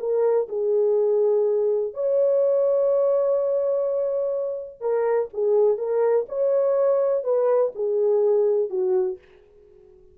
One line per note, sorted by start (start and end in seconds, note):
0.00 0.48 A#4
0.49 1.94 G#4
1.94 4.81 C#5
4.81 5.29 A#4
5.34 5.78 G#4
5.78 6.27 A#4
6.29 7.24 C#5
7.24 7.73 B4
7.76 8.70 G#4
8.70 9.19 F#4